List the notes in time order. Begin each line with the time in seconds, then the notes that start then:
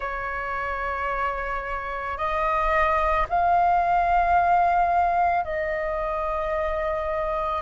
0.00 C#5
2.17 D#5
3.29 F5
5.44 D#5